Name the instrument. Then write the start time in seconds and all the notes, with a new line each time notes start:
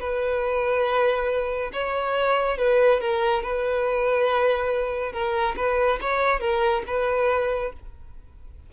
violin
0.00 B4
1.73 C#5
2.58 B4
3.00 A#4
3.43 B4
5.13 A#4
5.56 B4
6.01 C#5
6.40 A#4
6.87 B4